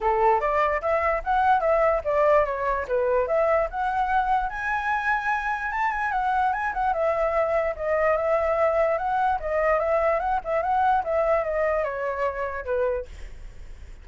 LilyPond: \new Staff \with { instrumentName = "flute" } { \time 4/4 \tempo 4 = 147 a'4 d''4 e''4 fis''4 | e''4 d''4 cis''4 b'4 | e''4 fis''2 gis''4~ | gis''2 a''8 gis''8 fis''4 |
gis''8 fis''8 e''2 dis''4 | e''2 fis''4 dis''4 | e''4 fis''8 e''8 fis''4 e''4 | dis''4 cis''2 b'4 | }